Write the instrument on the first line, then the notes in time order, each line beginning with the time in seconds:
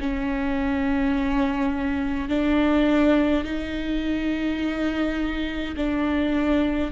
viola
0.00 C#4
2.29 D4
3.44 D#4
5.76 D4